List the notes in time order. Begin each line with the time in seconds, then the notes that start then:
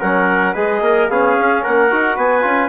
0.00 F#3 C#4 A#4 F#5
0.53 G#3 G#4 B4 D#5
0.81 A#3 A#4
1.08 B3 C#4 G#4 F5
1.39 C#4
1.63 A#3 A#4 F#5
1.91 D#4 F#4
2.16 B3 B4 G#5
2.41 C#4 F4